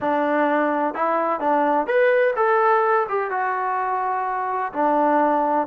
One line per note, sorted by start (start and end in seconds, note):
0.00 0.94 D4
0.94 1.39 E4
1.39 1.86 D4
1.86 2.34 B4
2.36 3.06 A4
3.08 3.30 G4
3.30 4.72 F#4
4.72 5.67 D4